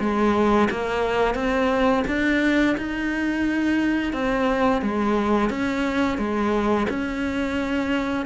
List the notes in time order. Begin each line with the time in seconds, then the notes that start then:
0.00 G#3
0.71 A#3
1.35 C4
2.08 D4
2.78 D#4
4.13 C4
4.82 G#3
5.50 C#4
6.18 G#3
6.90 C#4